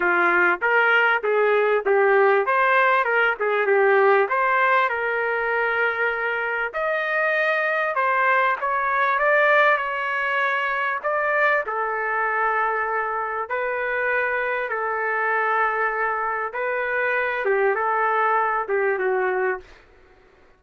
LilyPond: \new Staff \with { instrumentName = "trumpet" } { \time 4/4 \tempo 4 = 98 f'4 ais'4 gis'4 g'4 | c''4 ais'8 gis'8 g'4 c''4 | ais'2. dis''4~ | dis''4 c''4 cis''4 d''4 |
cis''2 d''4 a'4~ | a'2 b'2 | a'2. b'4~ | b'8 g'8 a'4. g'8 fis'4 | }